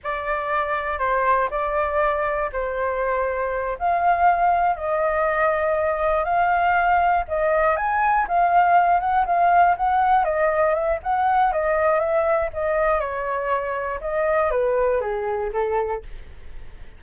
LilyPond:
\new Staff \with { instrumentName = "flute" } { \time 4/4 \tempo 4 = 120 d''2 c''4 d''4~ | d''4 c''2~ c''8 f''8~ | f''4. dis''2~ dis''8~ | dis''8 f''2 dis''4 gis''8~ |
gis''8 f''4. fis''8 f''4 fis''8~ | fis''8 dis''4 e''8 fis''4 dis''4 | e''4 dis''4 cis''2 | dis''4 b'4 gis'4 a'4 | }